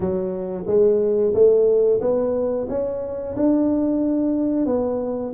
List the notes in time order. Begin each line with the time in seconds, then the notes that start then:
0.00 F#3
0.67 G#3
1.33 A3
2.01 B3
2.68 C#4
3.36 D4
4.65 B3